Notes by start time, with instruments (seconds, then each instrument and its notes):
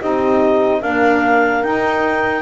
0.00 double bass C4, saxophone D#4, horn G4, clarinet D#5
0.81 saxophone A#3, double bass D4, horn A#4, clarinet F5
1.63 saxophone D#4, double bass D#4, clarinet G5